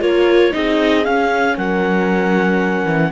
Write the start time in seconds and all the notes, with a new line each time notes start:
0.00 A#3 F4 A#4 C#5
0.51 C4 D#4 G#4 D#5
1.05 C#4 F5
1.57 F#3 A#4 F#5
2.85 E3